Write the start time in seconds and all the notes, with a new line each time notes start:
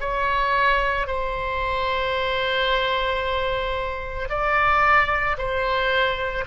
0.00 C#5
1.07 C5
4.29 D5
5.37 C5